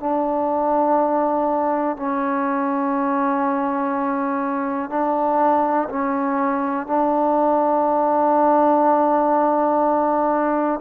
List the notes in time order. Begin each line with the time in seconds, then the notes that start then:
0.00 D4
1.97 C#4
4.90 D4
5.89 C#4
6.87 D4